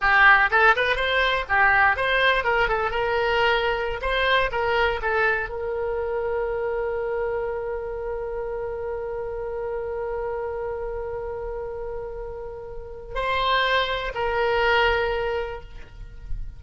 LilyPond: \new Staff \with { instrumentName = "oboe" } { \time 4/4 \tempo 4 = 123 g'4 a'8 b'8 c''4 g'4 | c''4 ais'8 a'8 ais'2~ | ais'16 c''4 ais'4 a'4 ais'8.~ | ais'1~ |
ais'1~ | ais'1~ | ais'2. c''4~ | c''4 ais'2. | }